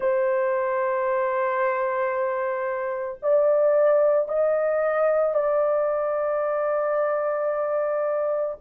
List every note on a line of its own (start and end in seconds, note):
0.00 3.19 C5
3.22 4.28 D5
4.28 5.34 D#5
5.34 8.55 D5